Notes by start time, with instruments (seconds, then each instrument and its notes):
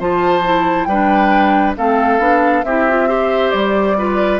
0.00 bassoon F3, clarinet F4, oboe C5, flute A5
0.45 clarinet E4
0.85 bassoon G3, oboe B4, flute G5
0.91 clarinet D4
1.77 bassoon A3, clarinet C4, oboe A4, flute F5
2.20 bassoon B3, clarinet D4
2.64 bassoon C4, clarinet E4, oboe G4, flute E5
2.90 clarinet F4
3.08 clarinet G4, oboe C5
3.51 bassoon G3, flute D5
3.98 clarinet F4, oboe B4